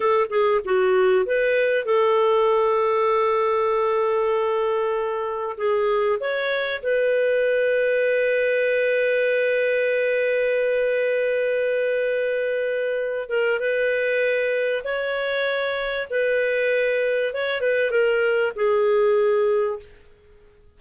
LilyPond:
\new Staff \with { instrumentName = "clarinet" } { \time 4/4 \tempo 4 = 97 a'8 gis'8 fis'4 b'4 a'4~ | a'1~ | a'4 gis'4 cis''4 b'4~ | b'1~ |
b'1~ | b'4. ais'8 b'2 | cis''2 b'2 | cis''8 b'8 ais'4 gis'2 | }